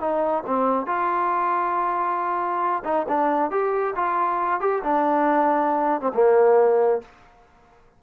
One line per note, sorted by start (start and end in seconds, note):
0.00 0.44 D#4
0.46 0.86 C4
0.86 2.83 F4
2.84 3.06 D#4
3.09 3.51 D4
3.51 3.95 G4
3.96 4.60 F4
4.60 4.82 G4
4.83 6.01 D4
6.01 6.12 C4
6.14 7.02 A#3